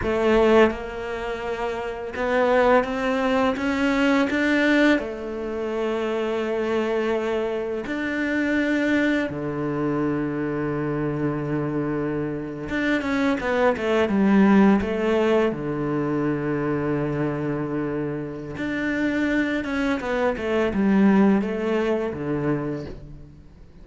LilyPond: \new Staff \with { instrumentName = "cello" } { \time 4/4 \tempo 4 = 84 a4 ais2 b4 | c'4 cis'4 d'4 a4~ | a2. d'4~ | d'4 d2.~ |
d4.~ d16 d'8 cis'8 b8 a8 g16~ | g8. a4 d2~ d16~ | d2 d'4. cis'8 | b8 a8 g4 a4 d4 | }